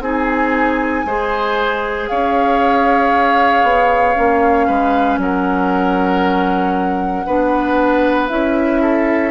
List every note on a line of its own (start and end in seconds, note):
0.00 1.03 C4
0.00 1.06 D#4
0.00 1.06 G#4
0.06 2.09 G#5
1.05 2.09 G#3
1.05 4.15 G#4
1.05 2.10 C5
2.09 3.63 C#4
2.09 4.67 C#5
2.09 5.19 F5
3.63 4.15 B3
4.15 4.69 A#3
4.15 7.25 C#4
4.67 5.18 G#3
4.67 5.19 B4
5.18 7.25 F#3
5.18 7.26 A#4
5.18 8.28 F#5
7.26 8.30 B3
7.26 8.29 D4
7.26 8.81 B4
8.28 9.31 C#4
8.28 9.31 E4
8.28 9.31 E5
8.81 9.31 A4